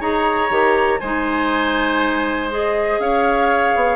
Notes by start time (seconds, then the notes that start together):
0.00 D#4 G#4 C#5 A#5
0.50 D#3 G4
1.00 G#3 D#4 C5 G#5
2.50 G#4 D#5
2.99 C#4 C#5 F5
3.75 B3